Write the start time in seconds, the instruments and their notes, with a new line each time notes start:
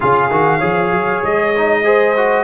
0.00 tuba C#3, trombone F4, horn G#4, trumpet F5
0.30 tuba D#3, trombone F#4
0.58 tuba F3, trombone G#4, horn C#5
0.91 tuba F#3
1.23 tuba G#3, trumpet D#5
1.56 trombone D#4
1.84 trombone G#4, horn C5
2.16 trombone F#4